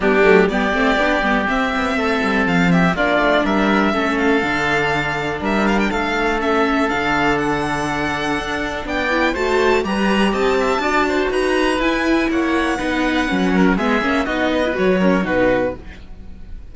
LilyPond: <<
  \new Staff \with { instrumentName = "violin" } { \time 4/4 \tempo 4 = 122 g'4 d''2 e''4~ | e''4 f''8 e''8 d''4 e''4~ | e''8 f''2~ f''8 e''8 f''16 g''16 | f''4 e''4 f''4 fis''4~ |
fis''2 g''4 a''4 | ais''4 a''2 ais''4 | gis''4 fis''2. | e''4 dis''4 cis''4 b'4 | }
  \new Staff \with { instrumentName = "oboe" } { \time 4/4 d'4 g'2. | a'4. g'8 f'4 ais'4 | a'2. ais'4 | a'1~ |
a'2 d''4 c''4 | b'4 dis''8 e''8 d''8 c''8 b'4~ | b'4 cis''4 b'4. ais'8 | gis'4 fis'8 b'4 ais'8 fis'4 | }
  \new Staff \with { instrumentName = "viola" } { \time 4/4 b8 a8 b8 c'8 d'8 b8 c'4~ | c'2 d'2 | cis'4 d'2.~ | d'4 cis'4 d'2~ |
d'2~ d'8 e'8 fis'4 | g'2 fis'2 | e'2 dis'4 cis'4 | b8 cis'8 dis'8. e'16 fis'8 cis'8 dis'4 | }
  \new Staff \with { instrumentName = "cello" } { \time 4/4 g8 fis8 g8 a8 b8 g8 c'8 b8 | a8 g8 f4 ais8 a8 g4 | a4 d2 g4 | a2 d2~ |
d4 d'4 b4 a4 | g4 c'4 d'4 dis'4 | e'4 ais4 b4 fis4 | gis8 ais8 b4 fis4 b,4 | }
>>